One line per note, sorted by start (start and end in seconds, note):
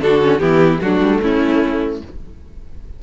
0.00 0.40 D3
0.00 0.22 D4
0.00 0.41 F#4
0.00 0.39 A4
0.22 0.39 C#4
0.39 0.80 E3
0.39 0.79 B3
0.39 0.81 E4
0.39 0.79 G4
0.81 1.00 F#3
0.81 2.01 A3
0.81 1.22 D4
0.81 1.21 F#4
1.00 1.20 G3
1.22 2.02 A3
1.22 2.02 C#4
1.22 2.02 E4